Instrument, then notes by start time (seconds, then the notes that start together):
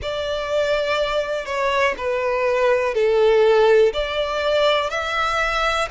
violin
0.02 D5
1.45 C#5
1.97 B4
2.94 A4
3.93 D5
4.90 E5